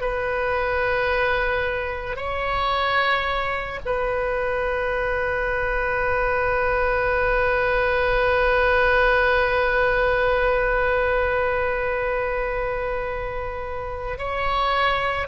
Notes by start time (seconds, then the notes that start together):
0.00 B4
2.16 C#5
3.85 B4
14.18 C#5